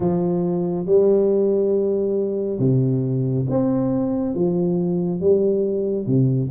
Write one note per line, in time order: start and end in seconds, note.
0.00 0.85 F3
0.85 2.59 G3
2.59 3.46 C3
3.49 4.34 C4
4.34 5.20 F3
5.20 6.06 G3
6.06 6.50 C3